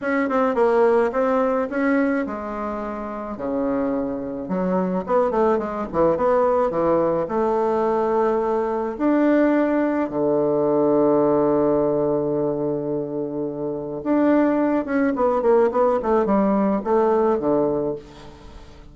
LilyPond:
\new Staff \with { instrumentName = "bassoon" } { \time 4/4 \tempo 4 = 107 cis'8 c'8 ais4 c'4 cis'4 | gis2 cis2 | fis4 b8 a8 gis8 e8 b4 | e4 a2. |
d'2 d2~ | d1~ | d4 d'4. cis'8 b8 ais8 | b8 a8 g4 a4 d4 | }